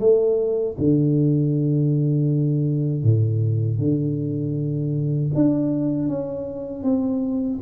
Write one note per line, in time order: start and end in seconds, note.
0.00 0.76 A3
0.78 3.03 D3
3.03 3.78 A2
3.78 5.30 D3
5.35 6.08 D4
6.08 6.84 C#4
6.84 7.59 C4